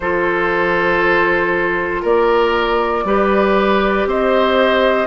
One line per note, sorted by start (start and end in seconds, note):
0.00 2.03 F3
0.00 3.06 F4
0.00 2.02 A4
0.00 2.03 C5
2.02 3.04 A#3
2.02 3.03 A#4
2.02 4.08 D5
3.04 4.06 G3
3.04 5.07 G4
3.04 4.08 B4
4.06 5.07 C4
4.06 5.07 C5
4.06 5.07 D#5